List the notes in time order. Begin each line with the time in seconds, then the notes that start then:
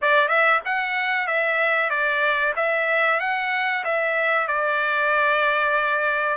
0.01 D5
0.28 E5
0.65 F#5
1.27 E5
1.89 D5
2.56 E5
3.20 F#5
3.84 E5
4.47 D5